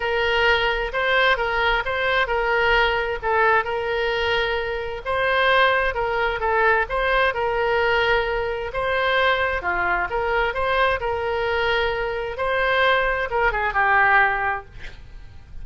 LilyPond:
\new Staff \with { instrumentName = "oboe" } { \time 4/4 \tempo 4 = 131 ais'2 c''4 ais'4 | c''4 ais'2 a'4 | ais'2. c''4~ | c''4 ais'4 a'4 c''4 |
ais'2. c''4~ | c''4 f'4 ais'4 c''4 | ais'2. c''4~ | c''4 ais'8 gis'8 g'2 | }